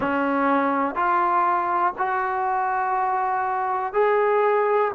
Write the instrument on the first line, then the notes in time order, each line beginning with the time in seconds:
trombone
0.00 C#4
0.95 F4
1.98 F#4
3.93 G#4